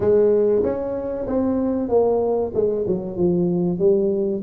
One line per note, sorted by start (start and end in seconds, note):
0.00 0.63 G#3
0.63 1.26 C#4
1.27 1.88 C4
1.88 2.51 A#3
2.54 2.85 G#3
2.87 3.16 F#3
3.16 3.78 F3
3.78 4.42 G3